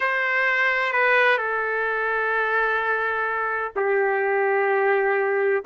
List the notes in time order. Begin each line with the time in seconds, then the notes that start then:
0.00 C5
0.92 B4
1.37 A4
3.76 G4